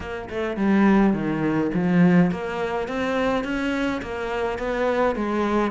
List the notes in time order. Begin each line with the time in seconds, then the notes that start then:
0.00 A#3
0.29 A3
0.57 G3
1.13 D#3
1.74 F3
2.31 A#3
2.88 C4
3.44 C#4
4.02 A#3
4.58 B3
5.15 G#3